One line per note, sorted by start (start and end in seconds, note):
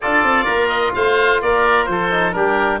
0.00 0.23 D4
0.00 2.10 F4
0.00 0.45 A4
0.00 0.68 D5
0.23 0.47 C4
0.45 0.94 A#3
0.45 0.91 A#4
0.68 0.92 D#5
0.94 1.42 A3
0.94 1.42 C5
0.94 1.41 F5
1.42 1.88 A#3
1.42 1.89 A#4
1.42 1.85 D5
1.85 2.35 F3
1.85 2.35 A4
1.85 2.32 C5
2.10 2.33 D#4
2.32 2.80 G3
2.32 2.80 D4
2.32 2.80 G4
2.32 2.79 A#4